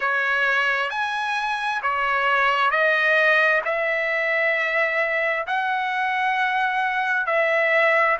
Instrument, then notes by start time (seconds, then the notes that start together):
trumpet
0.00 C#5
0.90 G#5
1.82 C#5
2.70 D#5
3.64 E5
5.47 F#5
7.26 E5